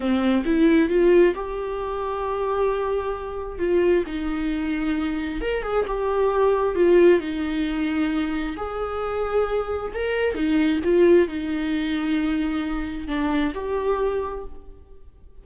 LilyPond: \new Staff \with { instrumentName = "viola" } { \time 4/4 \tempo 4 = 133 c'4 e'4 f'4 g'4~ | g'1 | f'4 dis'2. | ais'8 gis'8 g'2 f'4 |
dis'2. gis'4~ | gis'2 ais'4 dis'4 | f'4 dis'2.~ | dis'4 d'4 g'2 | }